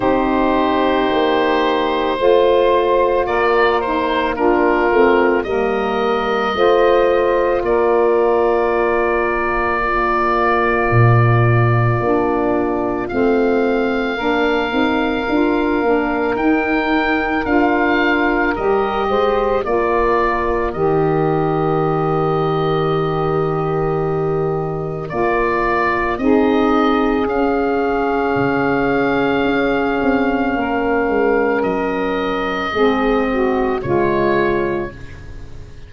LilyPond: <<
  \new Staff \with { instrumentName = "oboe" } { \time 4/4 \tempo 4 = 55 c''2. d''8 c''8 | ais'4 dis''2 d''4~ | d''1 | f''2. g''4 |
f''4 dis''4 d''4 dis''4~ | dis''2. d''4 | dis''4 f''2.~ | f''4 dis''2 cis''4 | }
  \new Staff \with { instrumentName = "saxophone" } { \time 4/4 g'2 c''4 ais'4 | f'4 ais'4 c''4 ais'4~ | ais'4 f'2.~ | f'4 ais'2.~ |
ais'4. c''8 ais'2~ | ais'1 | gis'1 | ais'2 gis'8 fis'8 f'4 | }
  \new Staff \with { instrumentName = "saxophone" } { \time 4/4 dis'2 f'4. dis'8 | d'8 c'8 ais4 f'2~ | f'4 ais2 d'4 | c'4 d'8 dis'8 f'8 d'8 dis'4 |
f'4 g'4 f'4 g'4~ | g'2. f'4 | dis'4 cis'2.~ | cis'2 c'4 gis4 | }
  \new Staff \with { instrumentName = "tuba" } { \time 4/4 c'4 ais4 a4 ais4~ | ais8 a8 g4 a4 ais4~ | ais2 ais,4 ais4 | a4 ais8 c'8 d'8 ais8 dis'4 |
d'4 g8 gis8 ais4 dis4~ | dis2. ais4 | c'4 cis'4 cis4 cis'8 c'8 | ais8 gis8 fis4 gis4 cis4 | }
>>